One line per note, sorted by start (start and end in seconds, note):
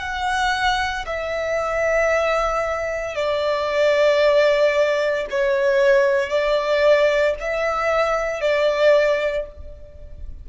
0.00 1.05 F#5
1.07 3.16 E5
3.16 5.27 D5
5.31 6.30 C#5
6.30 7.35 D5
7.41 8.42 E5
8.42 9.47 D5